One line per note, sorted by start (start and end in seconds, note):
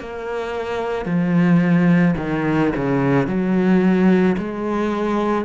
0.00 1.06 A#3
1.06 2.15 F3
2.18 2.72 D#3
2.76 3.27 C#3
3.27 4.36 F#3
4.38 5.45 G#3